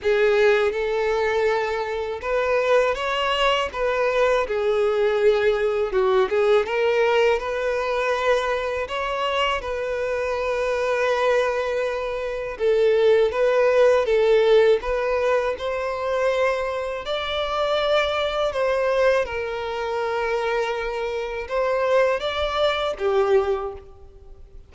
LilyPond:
\new Staff \with { instrumentName = "violin" } { \time 4/4 \tempo 4 = 81 gis'4 a'2 b'4 | cis''4 b'4 gis'2 | fis'8 gis'8 ais'4 b'2 | cis''4 b'2.~ |
b'4 a'4 b'4 a'4 | b'4 c''2 d''4~ | d''4 c''4 ais'2~ | ais'4 c''4 d''4 g'4 | }